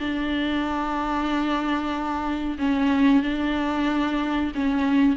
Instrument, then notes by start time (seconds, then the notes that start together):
viola
0.00 D4
2.59 C#4
3.23 D4
4.55 C#4